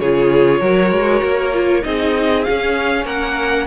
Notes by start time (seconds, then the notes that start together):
0.00 C#3 F4 G#4 C#5
0.61 F#3 F#4 A#4
0.91 G#3
1.22 A#3
1.53 F4
1.83 C4 D#4 G#4 D#5
2.44 C#4 F5
3.04 A#3 A#4 F#5